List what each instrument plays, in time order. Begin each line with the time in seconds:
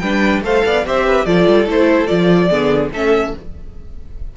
0.00 cello G3, viola D4, violin B4 G5
0.42 cello A3, viola A4, violin C5 F5
0.66 cello B3, violin D5
0.86 cello C4, viola G4, violin C5 E5
1.07 violin B4
1.26 cello F3, viola F4, violin A4 D5
1.48 cello G3
1.66 cello A3, viola E4, violin C5
2.07 cello F3, viola F4, violin D5
2.49 cello D3, viola B3, violin G#4
2.93 cello A3, viola C#4, violin A4 E5